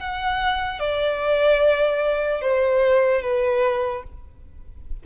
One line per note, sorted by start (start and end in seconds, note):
0.00 0.80 F#5
0.80 2.42 D5
2.42 3.22 C5
3.22 4.04 B4